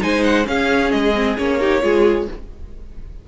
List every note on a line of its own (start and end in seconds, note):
0.00 0.47 G#3
0.00 0.45 D#4
0.00 0.48 C5
0.00 0.24 G#5
0.24 0.46 F#5
0.45 1.12 C#4
0.45 0.92 C#4
0.45 1.60 G#4
0.45 0.91 F5
0.91 1.38 G#3
0.91 1.36 D#5
1.16 1.38 C4
1.38 1.83 A#3
1.38 1.60 C#4
1.38 2.29 C#5
1.60 1.82 D#4
1.60 1.83 G4
1.82 2.28 G#3
1.82 2.27 F4
1.82 2.29 G#4